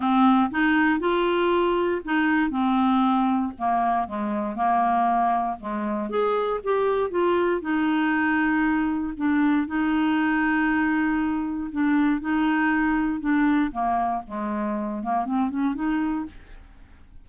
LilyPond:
\new Staff \with { instrumentName = "clarinet" } { \time 4/4 \tempo 4 = 118 c'4 dis'4 f'2 | dis'4 c'2 ais4 | gis4 ais2 gis4 | gis'4 g'4 f'4 dis'4~ |
dis'2 d'4 dis'4~ | dis'2. d'4 | dis'2 d'4 ais4 | gis4. ais8 c'8 cis'8 dis'4 | }